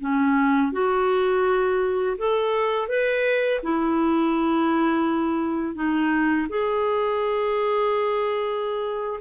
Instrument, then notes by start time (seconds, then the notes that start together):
clarinet
0.00 C#4
0.72 F#4
2.18 A4
2.88 B4
3.62 E4
5.75 D#4
6.49 G#4